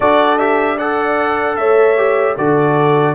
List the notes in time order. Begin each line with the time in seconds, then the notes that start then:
0.00 D4 F#4 A4 D5
0.38 G4 E5
0.76 A4 D5 F#5
1.56 A3 C#5 E5
1.97 G4
2.37 D3 F#4 A4 D5